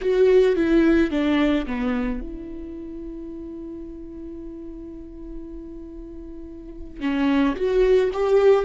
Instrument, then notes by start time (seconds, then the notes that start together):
viola
0.01 F#4
0.56 E4
1.11 D4
1.66 B3
2.20 E4
7.00 C#4
7.56 F#4
8.13 G4